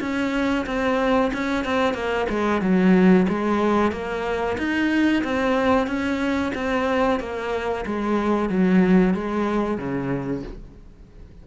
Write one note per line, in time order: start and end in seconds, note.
0.00 0.65 C#4
0.66 1.31 C4
1.33 1.65 C#4
1.65 1.94 C4
1.94 2.26 A#3
2.29 2.61 G#3
2.61 3.26 F#3
3.29 3.92 G#3
3.92 4.57 A#3
4.58 5.23 D#4
5.24 5.87 C4
5.87 6.52 C#4
6.55 7.20 C4
7.20 7.85 A#3
7.86 8.49 G#3
8.49 9.14 F#3
9.14 9.78 G#3
9.78 10.43 C#3